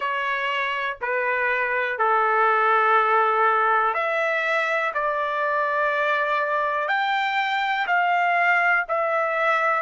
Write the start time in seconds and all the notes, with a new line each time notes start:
0.00 C#5
1.01 B4
1.98 A4
3.93 E5
4.94 D5
6.88 G5
7.86 F5
8.88 E5